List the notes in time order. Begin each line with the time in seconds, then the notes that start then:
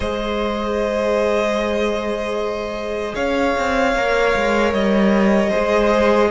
0.00 G#3 G#4 C5 D#5
3.14 C#4 C#5 F5
3.58 C4
3.95 A#3 A#4
4.35 G#3
4.72 G3 D#5
5.49 G#4 C5
5.55 G#3